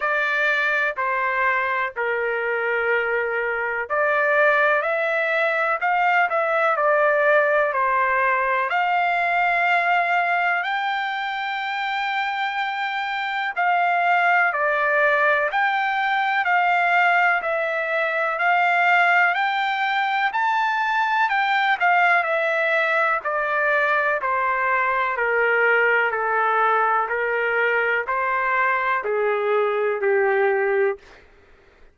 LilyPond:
\new Staff \with { instrumentName = "trumpet" } { \time 4/4 \tempo 4 = 62 d''4 c''4 ais'2 | d''4 e''4 f''8 e''8 d''4 | c''4 f''2 g''4~ | g''2 f''4 d''4 |
g''4 f''4 e''4 f''4 | g''4 a''4 g''8 f''8 e''4 | d''4 c''4 ais'4 a'4 | ais'4 c''4 gis'4 g'4 | }